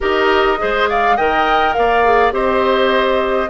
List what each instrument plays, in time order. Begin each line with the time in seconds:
0.00 bassoon D#4, clarinet G4, oboe A#4, flute D#5
0.57 bassoon G#3, clarinet G#4, oboe C5
0.89 oboe D5, flute F5
1.16 bassoon D#3, clarinet A#4, oboe D#5, flute G5
1.73 bassoon A#3, oboe D5, flute F5
2.04 clarinet G#4
2.31 bassoon C4, clarinet G4, oboe C5, flute D#5